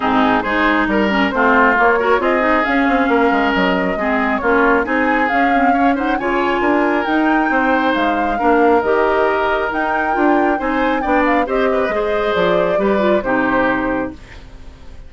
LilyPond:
<<
  \new Staff \with { instrumentName = "flute" } { \time 4/4 \tempo 4 = 136 gis'4 c''4 ais'4 c''4 | cis''4 dis''4 f''2 | dis''2 cis''4 gis''4 | f''4. fis''8 gis''2 |
g''2 f''2 | dis''2 g''2 | gis''4 g''8 f''8 dis''2 | d''2 c''2 | }
  \new Staff \with { instrumentName = "oboe" } { \time 4/4 dis'4 gis'4 ais'4 f'4~ | f'8 ais'8 gis'2 ais'4~ | ais'4 gis'4 f'4 gis'4~ | gis'4 cis''8 c''8 cis''4 ais'4~ |
ais'4 c''2 ais'4~ | ais'1 | c''4 d''4 c''8 b'8 c''4~ | c''4 b'4 g'2 | }
  \new Staff \with { instrumentName = "clarinet" } { \time 4/4 c'4 dis'4. cis'8 c'4 | ais8 fis'8 f'8 dis'8 cis'2~ | cis'4 c'4 cis'4 dis'4 | cis'8 c'8 cis'8 dis'8 f'2 |
dis'2. d'4 | g'2 dis'4 f'4 | dis'4 d'4 g'4 gis'4~ | gis'4 g'8 f'8 dis'2 | }
  \new Staff \with { instrumentName = "bassoon" } { \time 4/4 gis,4 gis4 g4 a4 | ais4 c'4 cis'8 c'8 ais8 gis8 | fis4 gis4 ais4 c'4 | cis'2 cis4 d'4 |
dis'4 c'4 gis4 ais4 | dis2 dis'4 d'4 | c'4 b4 c'4 gis4 | f4 g4 c2 | }
>>